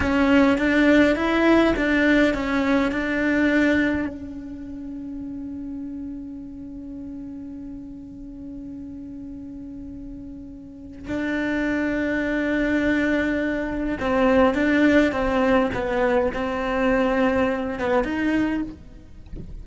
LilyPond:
\new Staff \with { instrumentName = "cello" } { \time 4/4 \tempo 4 = 103 cis'4 d'4 e'4 d'4 | cis'4 d'2 cis'4~ | cis'1~ | cis'1~ |
cis'2. d'4~ | d'1 | c'4 d'4 c'4 b4 | c'2~ c'8 b8 dis'4 | }